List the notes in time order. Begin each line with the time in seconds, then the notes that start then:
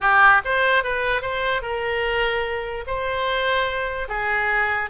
0.01 G4
0.44 C5
0.83 B4
1.21 C5
1.61 A#4
2.86 C5
4.08 G#4